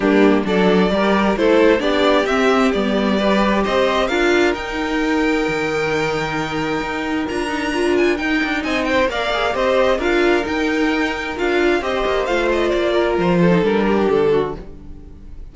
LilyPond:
<<
  \new Staff \with { instrumentName = "violin" } { \time 4/4 \tempo 4 = 132 g'4 d''2 c''4 | d''4 e''4 d''2 | dis''4 f''4 g''2~ | g''1 |
ais''4. gis''8 g''4 gis''8 g''8 | f''4 dis''4 f''4 g''4~ | g''4 f''4 dis''4 f''8 dis''8 | d''4 c''4 ais'4 a'4 | }
  \new Staff \with { instrumentName = "violin" } { \time 4/4 d'4 a'4 ais'4 a'4 | g'2. b'4 | c''4 ais'2.~ | ais'1~ |
ais'2. dis''8 c''8 | d''4 c''4 ais'2~ | ais'2 c''2~ | c''8 ais'4 a'4 g'4 fis'8 | }
  \new Staff \with { instrumentName = "viola" } { \time 4/4 ais4 d'4 g'4 e'4 | d'4 c'4 b4 g'4~ | g'4 f'4 dis'2~ | dis'1 |
f'8 dis'8 f'4 dis'2 | ais'8 gis'8 g'4 f'4 dis'4~ | dis'4 f'4 g'4 f'4~ | f'4.~ f'16 dis'16 d'2 | }
  \new Staff \with { instrumentName = "cello" } { \time 4/4 g4 fis4 g4 a4 | b4 c'4 g2 | c'4 d'4 dis'2 | dis2. dis'4 |
d'2 dis'8 d'8 c'4 | ais4 c'4 d'4 dis'4~ | dis'4 d'4 c'8 ais8 a4 | ais4 f4 g4 d4 | }
>>